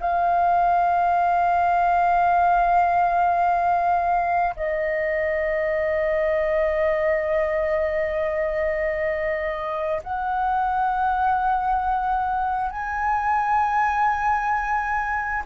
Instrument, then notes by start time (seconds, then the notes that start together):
flute
0.00 F5
4.56 D#5
10.03 F#5
12.70 G#5